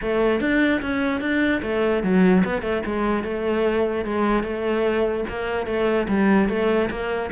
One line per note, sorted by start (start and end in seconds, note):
0.01 0.40 A3
0.40 0.81 D4
0.81 1.20 C#4
1.20 1.61 D4
1.62 2.03 A3
2.03 2.43 F#3
2.44 2.62 B3
2.62 2.82 A3
2.85 3.23 G#3
3.23 4.04 A3
4.04 4.43 G#3
4.43 5.24 A3
5.29 5.66 A#3
5.66 6.07 A3
6.08 6.48 G3
6.48 6.89 A3
6.90 7.30 A#3